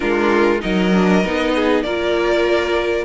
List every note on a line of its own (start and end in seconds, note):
0.00 0.63 G#3
0.00 0.59 D4
0.00 0.61 F4
0.00 0.61 A#4
0.60 1.24 F#3
0.60 0.90 D#4
0.60 1.53 A#4
0.60 1.82 D#5
0.93 1.24 D4
1.24 1.84 B3
1.24 1.85 D#4
1.55 1.83 G#4
1.82 3.04 A#3
1.82 3.04 F4
1.82 3.04 A#4
1.82 3.04 D5